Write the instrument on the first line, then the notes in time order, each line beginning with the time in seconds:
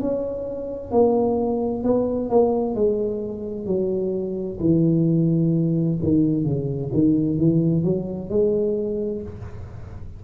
tuba
0.00 C#4
0.91 A#3
1.84 B3
2.30 A#3
2.75 G#3
3.66 F#3
4.60 E3
6.03 D#3
6.44 C#3
6.93 D#3
7.38 E3
7.84 F#3
8.30 G#3